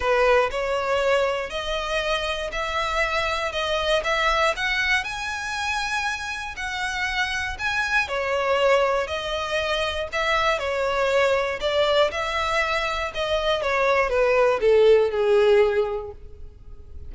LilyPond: \new Staff \with { instrumentName = "violin" } { \time 4/4 \tempo 4 = 119 b'4 cis''2 dis''4~ | dis''4 e''2 dis''4 | e''4 fis''4 gis''2~ | gis''4 fis''2 gis''4 |
cis''2 dis''2 | e''4 cis''2 d''4 | e''2 dis''4 cis''4 | b'4 a'4 gis'2 | }